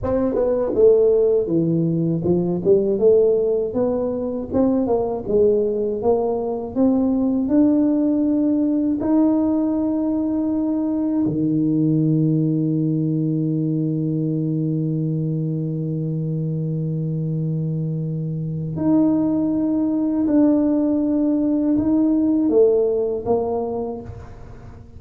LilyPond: \new Staff \with { instrumentName = "tuba" } { \time 4/4 \tempo 4 = 80 c'8 b8 a4 e4 f8 g8 | a4 b4 c'8 ais8 gis4 | ais4 c'4 d'2 | dis'2. dis4~ |
dis1~ | dis1~ | dis4 dis'2 d'4~ | d'4 dis'4 a4 ais4 | }